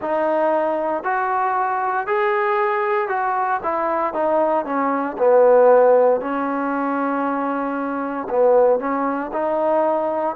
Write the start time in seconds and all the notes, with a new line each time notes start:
0.01 D#4
1.03 F#4
2.06 G#4
3.08 F#4
3.63 E4
4.13 D#4
4.65 C#4
5.17 B3
6.20 C#4
8.29 B3
8.79 C#4
9.32 D#4